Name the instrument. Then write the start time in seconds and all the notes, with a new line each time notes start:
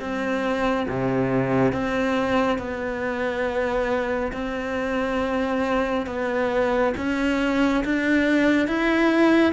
cello
0.00 C4
0.89 C3
1.73 C4
2.58 B3
4.33 C4
6.06 B3
6.97 C#4
7.85 D4
8.68 E4